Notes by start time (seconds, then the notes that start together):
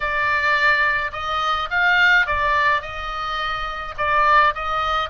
0.00 D5
1.12 D#5
1.70 F5
2.26 D5
2.81 D#5
3.97 D5
4.54 D#5